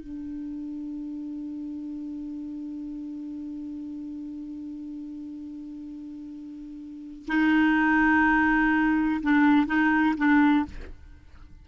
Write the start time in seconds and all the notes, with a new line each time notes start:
0.00 D4
7.27 D#4
9.22 D4
9.66 D#4
10.17 D4